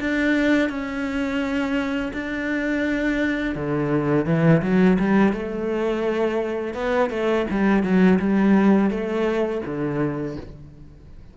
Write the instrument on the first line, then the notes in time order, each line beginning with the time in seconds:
cello
0.00 D4
0.69 C#4
2.13 D4
3.55 D3
4.26 E3
4.62 F#3
4.99 G3
5.33 A3
6.74 B3
7.10 A3
7.50 G3
7.83 F#3
8.19 G3
8.90 A3
9.66 D3